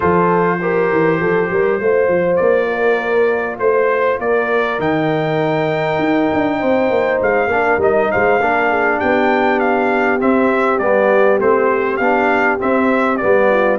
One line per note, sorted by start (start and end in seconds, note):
0.00 0.91 F3
0.00 0.59 F4
0.00 0.59 A4
0.00 2.36 C5
0.61 1.81 G4
0.61 1.20 A#4
0.91 1.20 E3
1.20 1.50 F3
1.20 1.50 A4
1.50 1.80 G3
1.50 1.81 A#4
1.80 2.08 A3
1.80 4.79 F4
1.80 2.67 C5
2.08 2.38 F3
2.36 3.59 A#3
2.36 3.56 D5
2.67 3.57 A#4
3.59 4.19 A3
3.59 4.19 C5
3.59 4.20 C5
4.19 4.78 A#3
4.19 6.58 A#4
4.19 4.80 D5
4.78 5.98 D#3
4.78 7.49 D#4
4.78 7.20 G5
5.99 6.29 D#4
6.33 6.62 D4
6.58 6.90 C4
6.58 7.48 C5
6.90 7.20 A#3
7.21 7.47 G#3
7.21 7.82 F5
7.47 7.77 A#3
7.47 7.80 D4
7.54 8.12 A#4
7.77 8.07 G3
7.77 8.40 D#4
7.77 8.11 D#5
8.11 8.39 G#3
8.11 8.41 C5
8.11 8.99 F5
8.39 9.00 A#3
8.39 10.20 D4
8.39 8.70 A#4
8.70 8.97 G#4
8.97 10.21 B3
8.97 13.47 G4
8.97 9.59 G5
9.59 10.19 F5
10.20 10.79 C4
10.20 10.80 C4
10.20 10.79 E5
10.79 11.39 G3
10.79 11.40 B3
10.79 11.38 D5
11.39 11.99 A3
11.39 12.00 C4
11.39 11.96 C5
11.96 12.59 B3
11.96 12.59 D4
11.96 12.56 F5
12.59 13.19 C4
12.59 13.22 C4
12.59 13.17 E5
13.17 13.78 G3
13.17 13.78 B3
13.17 13.77 D5
13.49 13.78 F4